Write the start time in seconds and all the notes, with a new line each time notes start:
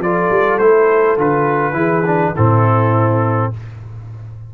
0.00 F3 F4 A4 D5
0.31 G3
0.59 A3 E4 C5
1.18 D3 F4 B4
1.74 E3 E4 G#4
2.06 D4
2.36 A2 C4 E4 A4